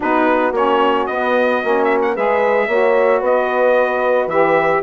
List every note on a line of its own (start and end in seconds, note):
0.00 0.51 B3
0.00 0.52 D#4
0.00 2.12 F#4
0.00 0.55 B4
0.51 1.05 A#3
0.51 1.09 C#4
0.51 1.06 C#5
1.06 1.61 B3
1.06 1.63 B3
1.06 1.84 D#5
1.63 2.16 A#3
1.63 2.15 C#4
1.84 1.97 E5
2.02 2.15 F#5
2.14 2.67 G#3
2.14 2.69 G#4
2.14 2.67 B4
2.14 3.23 E5
2.67 3.21 A#3
2.67 4.30 F#4
2.67 3.20 C#5
3.20 4.26 B3
3.20 4.81 B4
3.20 4.29 D#5
4.26 4.80 E3
4.26 4.83 G4
4.26 4.82 E5